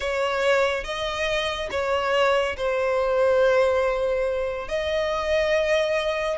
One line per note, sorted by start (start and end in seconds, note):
0.00 0.84 C#5
0.84 1.69 D#5
1.71 2.56 C#5
2.56 4.68 C5
4.68 6.38 D#5